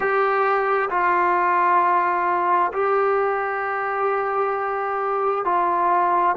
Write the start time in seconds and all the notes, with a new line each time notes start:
0.00 G4
0.90 F4
2.73 G4
5.44 F4